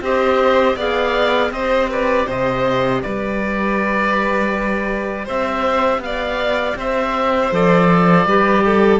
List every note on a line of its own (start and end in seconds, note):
0.00 0.75 C4
0.00 0.77 G4
0.00 0.76 C5
0.00 0.79 D#5
0.76 1.50 B3
0.76 1.51 G#4
0.76 1.51 D5
0.76 1.52 F5
1.50 2.25 C4
1.50 7.51 G4
1.50 1.90 C5
1.50 1.89 D#5
1.90 2.26 B4
1.90 2.29 D5
2.26 3.02 C3
2.26 3.01 C5
2.26 3.02 D#5
3.02 5.29 G3
3.02 5.25 B4
3.02 5.27 D5
5.25 5.98 C4
5.25 6.00 C5
5.25 6.02 E5
5.98 6.73 B3
5.98 6.77 F5
6.05 6.77 D5
6.76 7.51 C4
6.76 8.26 C5
6.76 7.53 E5
7.51 8.25 F3
7.51 8.26 A4
7.51 8.99 D5
8.25 8.99 G3
8.25 8.99 G4
8.25 8.64 B4
8.65 8.99 A4